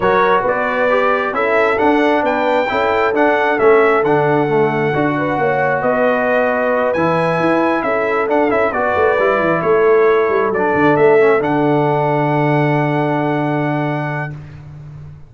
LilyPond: <<
  \new Staff \with { instrumentName = "trumpet" } { \time 4/4 \tempo 4 = 134 cis''4 d''2 e''4 | fis''4 g''2 fis''4 | e''4 fis''2.~ | fis''4 dis''2~ dis''8 gis''8~ |
gis''4. e''4 fis''8 e''8 d''8~ | d''4. cis''2 d''8~ | d''8 e''4 fis''2~ fis''8~ | fis''1 | }
  \new Staff \with { instrumentName = "horn" } { \time 4/4 ais'4 b'2 a'4~ | a'4 b'4 a'2~ | a'2.~ a'8 b'8 | cis''4 b'2.~ |
b'4. a'2 b'8~ | b'4. a'2~ a'8~ | a'1~ | a'1 | }
  \new Staff \with { instrumentName = "trombone" } { \time 4/4 fis'2 g'4 e'4 | d'2 e'4 d'4 | cis'4 d'4 a4 fis'4~ | fis'2.~ fis'8 e'8~ |
e'2~ e'8 d'8 e'8 fis'8~ | fis'8 e'2. d'8~ | d'4 cis'8 d'2~ d'8~ | d'1 | }
  \new Staff \with { instrumentName = "tuba" } { \time 4/4 fis4 b2 cis'4 | d'4 b4 cis'4 d'4 | a4 d2 d'4 | ais4 b2~ b8 e8~ |
e8 e'4 cis'4 d'8 cis'8 b8 | a8 g8 e8 a4. g8 fis8 | d8 a4 d2~ d8~ | d1 | }
>>